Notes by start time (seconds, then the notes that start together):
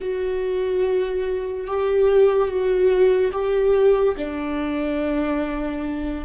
0.00 F#4
1.67 G4
2.48 F#4
3.32 G4
4.17 D4